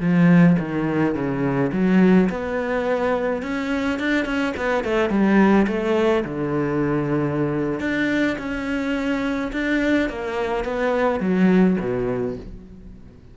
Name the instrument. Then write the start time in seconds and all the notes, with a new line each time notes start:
cello
0.00 F3
0.59 D#3
1.14 C#3
1.72 F#3
2.30 B3
3.42 C#4
3.99 D4
4.25 C#4
4.57 B3
4.84 A3
5.10 G3
5.67 A3
6.24 D3
7.80 D4
8.38 C#4
9.52 D4
10.09 A#3
10.64 B3
11.20 F#3
11.80 B2